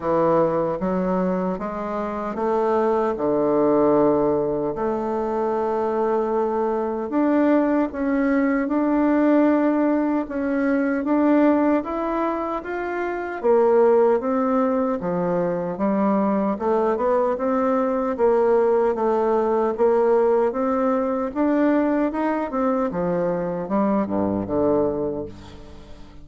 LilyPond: \new Staff \with { instrumentName = "bassoon" } { \time 4/4 \tempo 4 = 76 e4 fis4 gis4 a4 | d2 a2~ | a4 d'4 cis'4 d'4~ | d'4 cis'4 d'4 e'4 |
f'4 ais4 c'4 f4 | g4 a8 b8 c'4 ais4 | a4 ais4 c'4 d'4 | dis'8 c'8 f4 g8 g,8 d4 | }